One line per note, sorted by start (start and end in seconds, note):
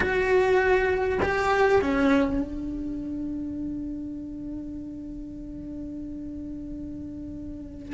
0.00 1.18 F#4
1.22 1.81 G4
1.81 2.41 C#4
2.41 7.94 D4